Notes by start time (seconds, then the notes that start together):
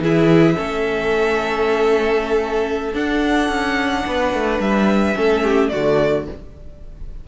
0.00 E3 E4 G#4 E5
0.56 A3 C#4 A4
2.94 D4 F#5
3.49 C#4
4.07 B3 B4
4.34 A3
4.60 G3 E5
5.15 A3 C#4 A4
5.43 G4
5.69 D3 A3 F#4 D5